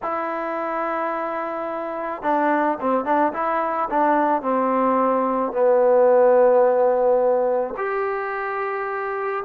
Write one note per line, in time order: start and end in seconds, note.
0.02 2.22 E4
2.22 2.78 D4
2.80 3.04 C4
3.04 3.32 D4
3.33 3.89 E4
3.89 4.41 D4
4.41 5.52 C4
5.52 7.74 B3
7.77 9.44 G4